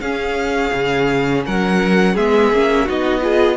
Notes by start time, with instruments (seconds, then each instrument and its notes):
0.00 cello C#4, viola C#4, violin G#4 F5
0.73 cello C#3
1.46 cello F#3, violin A#4 F#5
2.13 cello G#3, viola B3, violin G#4 E5
2.52 cello A#3, viola C#4
2.84 cello B3, viola D#4, violin F#4 D#5
3.21 viola F4, violin G#4